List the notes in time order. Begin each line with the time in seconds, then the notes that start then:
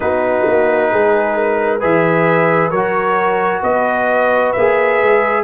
0.00 B3 D#4 F#4 B4
0.47 A#3
0.91 G#3 G#4
1.36 A#4
1.79 E3 G#4 B4 E5
2.70 F#3 F#4 A#4 C#5
3.62 B3 B4 D#5
4.52 A#3 G#4 E5
5.02 G#3